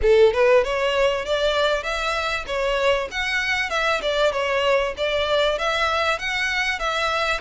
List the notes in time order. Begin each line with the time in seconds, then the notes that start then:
0.02 A4
0.33 B4
0.64 C#5
1.25 D5
1.83 E5
2.46 C#5
3.11 F#5
3.70 E5
4.01 D5
4.32 C#5
4.97 D5
5.58 E5
6.19 F#5
6.79 E5